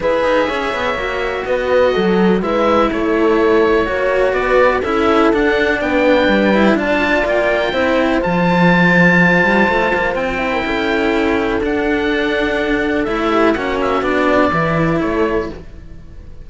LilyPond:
<<
  \new Staff \with { instrumentName = "oboe" } { \time 4/4 \tempo 4 = 124 e''2. dis''4~ | dis''4 e''4 cis''2~ | cis''4 d''4 e''4 fis''4 | g''2 a''4 g''4~ |
g''4 a''2.~ | a''4 g''2. | fis''2. e''4 | fis''8 e''8 d''2 cis''4 | }
  \new Staff \with { instrumentName = "horn" } { \time 4/4 b'4 cis''2 b'4 | a'4 b'4 a'2 | cis''4 b'4 a'2 | b'2 d''2 |
c''1~ | c''4.~ c''16 ais'16 a'2~ | a'2.~ a'8 g'8 | fis'2 b'4 a'4 | }
  \new Staff \with { instrumentName = "cello" } { \time 4/4 gis'2 fis'2~ | fis'4 e'2. | fis'2 e'4 d'4~ | d'4. e'8 f'2 |
e'4 f'2.~ | f'4. e'2~ e'8 | d'2. e'4 | cis'4 d'4 e'2 | }
  \new Staff \with { instrumentName = "cello" } { \time 4/4 e'8 dis'8 cis'8 b8 ais4 b4 | fis4 gis4 a2 | ais4 b4 cis'4 d'4 | b4 g4 d'4 ais4 |
c'4 f2~ f8 g8 | a8 ais8 c'4 cis'2 | d'2. a4 | ais4 b4 e4 a4 | }
>>